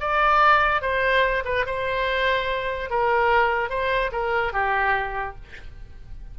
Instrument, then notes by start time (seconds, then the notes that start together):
oboe
0.00 D5
0.82 C5
1.45 B4
1.66 C5
2.90 A#4
3.69 C5
4.12 A#4
4.53 G4